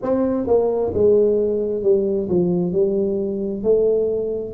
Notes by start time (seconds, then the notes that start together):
0.02 C4
0.47 A#3
0.93 G#3
1.83 G3
2.29 F3
2.72 G3
3.63 A3